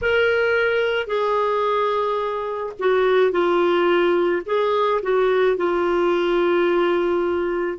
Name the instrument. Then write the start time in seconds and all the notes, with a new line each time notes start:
clarinet
0.02 A#4
1.06 G#4
2.79 F#4
3.31 F4
4.45 G#4
5.02 F#4
5.56 F4